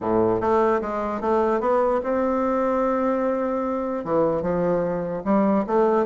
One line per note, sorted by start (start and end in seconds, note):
0.00 0.40 A2
0.40 0.81 A3
0.81 1.20 G#3
1.20 1.60 A3
1.60 2.00 B3
2.03 4.04 C4
4.04 4.42 E3
4.42 5.22 F3
5.24 5.64 G3
5.66 6.06 A3